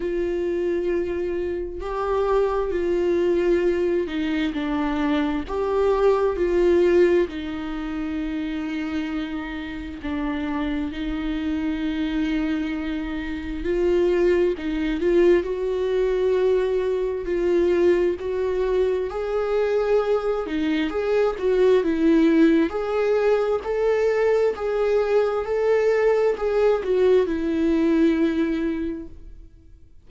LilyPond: \new Staff \with { instrumentName = "viola" } { \time 4/4 \tempo 4 = 66 f'2 g'4 f'4~ | f'8 dis'8 d'4 g'4 f'4 | dis'2. d'4 | dis'2. f'4 |
dis'8 f'8 fis'2 f'4 | fis'4 gis'4. dis'8 gis'8 fis'8 | e'4 gis'4 a'4 gis'4 | a'4 gis'8 fis'8 e'2 | }